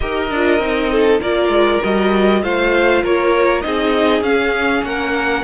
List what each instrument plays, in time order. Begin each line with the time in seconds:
0.00 cello D#4, viola G4, violin A#4 D#5
0.30 cello D4, viola F4
0.59 cello C4, viola D#4
0.91 violin A4
1.20 cello A#3, viola F4, violin A#4 D5
1.48 cello G#3
1.83 cello G3, viola F#4, violin D#5
2.42 cello A3, viola F4, violin C5 F5
3.02 cello A#3, violin A#4 C#5
3.61 cello C4, viola D#4, violin G#4 D#5
4.21 cello C#4, viola C#4, violin F5
4.82 cello A#3, violin A#4 F#5